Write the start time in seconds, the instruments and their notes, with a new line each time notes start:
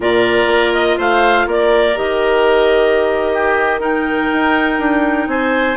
0.00 bassoon A#2, clarinet F4 D5, oboe A#4
0.47 bassoon A#3
0.74 clarinet D#5
0.97 bassoon A3, oboe C5, clarinet F5
1.46 bassoon A#3, oboe A#4, clarinet D5
1.95 bassoon D#3, clarinet G4 D#5
3.33 oboe G4
3.79 clarinet D#4 G5, oboe A#4
4.32 bassoon D#4
4.78 bassoon D4
5.27 bassoon C4, oboe C5, clarinet G#5